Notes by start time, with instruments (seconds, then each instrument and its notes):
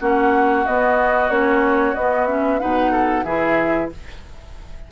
0.00 bassoon A#3, clarinet C#4, oboe F#4, flute F#5
0.66 clarinet B3, bassoon B3, flute D#5
1.29 bassoon A#3, clarinet C#4, flute C#5
1.95 bassoon B3, clarinet B3, flute D#5
2.27 clarinet C#4, flute E5
2.60 bassoon B2, clarinet D#4, oboe B4, flute F#5
2.91 oboe A4
3.24 bassoon E3, clarinet E4, oboe G#4, flute E5